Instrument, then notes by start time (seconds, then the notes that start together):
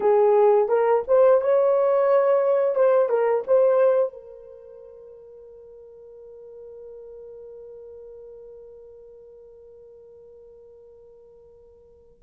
horn
0.00 G#4
0.68 A#4
1.07 C5
1.41 C#5
2.75 C5
3.09 A#4
3.47 C5
4.12 A#4